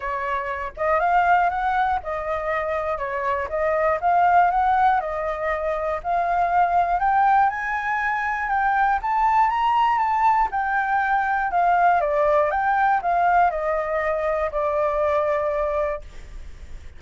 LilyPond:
\new Staff \with { instrumentName = "flute" } { \time 4/4 \tempo 4 = 120 cis''4. dis''8 f''4 fis''4 | dis''2 cis''4 dis''4 | f''4 fis''4 dis''2 | f''2 g''4 gis''4~ |
gis''4 g''4 a''4 ais''4 | a''4 g''2 f''4 | d''4 g''4 f''4 dis''4~ | dis''4 d''2. | }